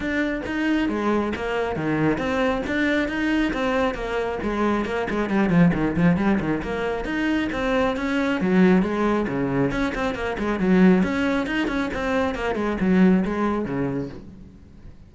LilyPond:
\new Staff \with { instrumentName = "cello" } { \time 4/4 \tempo 4 = 136 d'4 dis'4 gis4 ais4 | dis4 c'4 d'4 dis'4 | c'4 ais4 gis4 ais8 gis8 | g8 f8 dis8 f8 g8 dis8 ais4 |
dis'4 c'4 cis'4 fis4 | gis4 cis4 cis'8 c'8 ais8 gis8 | fis4 cis'4 dis'8 cis'8 c'4 | ais8 gis8 fis4 gis4 cis4 | }